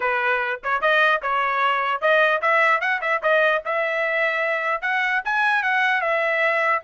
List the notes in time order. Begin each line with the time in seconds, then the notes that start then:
0.00 B4
0.63 C#5
0.81 D#5
1.22 C#5
2.01 D#5
2.41 E5
2.80 F#5
3.01 E5
3.22 D#5
3.65 E5
4.81 F#5
5.24 G#5
5.62 F#5
6.01 E5